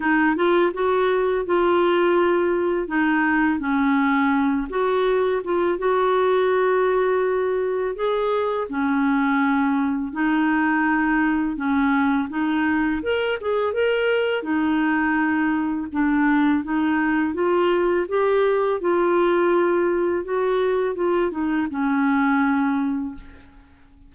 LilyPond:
\new Staff \with { instrumentName = "clarinet" } { \time 4/4 \tempo 4 = 83 dis'8 f'8 fis'4 f'2 | dis'4 cis'4. fis'4 f'8 | fis'2. gis'4 | cis'2 dis'2 |
cis'4 dis'4 ais'8 gis'8 ais'4 | dis'2 d'4 dis'4 | f'4 g'4 f'2 | fis'4 f'8 dis'8 cis'2 | }